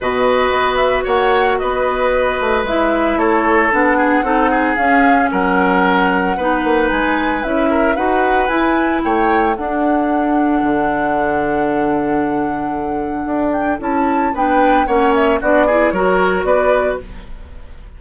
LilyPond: <<
  \new Staff \with { instrumentName = "flute" } { \time 4/4 \tempo 4 = 113 dis''4. e''8 fis''4 dis''4~ | dis''4 e''4 cis''4 fis''4~ | fis''4 f''4 fis''2~ | fis''4 gis''4 e''4 fis''4 |
gis''4 g''4 fis''2~ | fis''1~ | fis''4. g''8 a''4 g''4 | fis''8 e''8 d''4 cis''4 d''4 | }
  \new Staff \with { instrumentName = "oboe" } { \time 4/4 b'2 cis''4 b'4~ | b'2 a'4. gis'8 | a'8 gis'4. ais'2 | b'2~ b'8 ais'8 b'4~ |
b'4 cis''4 a'2~ | a'1~ | a'2. b'4 | cis''4 fis'8 gis'8 ais'4 b'4 | }
  \new Staff \with { instrumentName = "clarinet" } { \time 4/4 fis'1~ | fis'4 e'2 d'4 | dis'4 cis'2. | dis'2 e'4 fis'4 |
e'2 d'2~ | d'1~ | d'2 e'4 d'4 | cis'4 d'8 e'8 fis'2 | }
  \new Staff \with { instrumentName = "bassoon" } { \time 4/4 b,4 b4 ais4 b4~ | b8 a8 gis4 a4 b4 | c'4 cis'4 fis2 | b8 ais8 gis4 cis'4 dis'4 |
e'4 a4 d'2 | d1~ | d4 d'4 cis'4 b4 | ais4 b4 fis4 b4 | }
>>